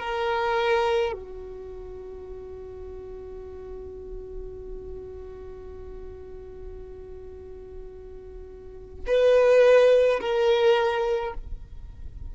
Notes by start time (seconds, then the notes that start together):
0.00 A#4
1.13 F#4
9.07 B4
10.20 A#4